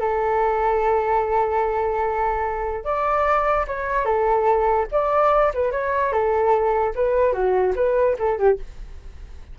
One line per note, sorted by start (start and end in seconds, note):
0.00 2.84 A4
2.84 3.66 D5
3.67 4.05 C#5
4.05 4.87 A4
4.91 5.53 D5
5.54 5.71 B4
5.71 6.12 C#5
6.12 6.94 A4
6.95 7.33 B4
7.33 7.74 F#4
7.75 8.16 B4
8.19 8.38 A4
8.38 8.59 G4